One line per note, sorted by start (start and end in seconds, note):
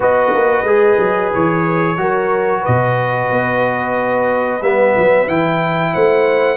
0.00 0.32 B3
0.00 0.65 F#4
0.00 1.95 B4
0.00 1.33 D#5
0.32 0.63 A#3
0.63 0.96 G#3
0.63 1.97 G#4
0.98 1.31 F#3
1.33 1.97 E3
1.33 2.65 C#5
1.97 2.63 F#3
1.97 4.61 F#4
1.97 2.60 A#4
2.60 5.90 B4
2.60 4.62 D#5
2.67 3.30 B2
3.30 4.61 B3
4.61 4.94 G3
4.61 5.27 B3
4.61 5.28 E5
4.96 5.27 F#3
5.27 5.93 E3
5.27 6.56 E4
5.27 5.94 G5
5.93 6.56 A3
5.93 6.56 C5
5.93 6.56 F#5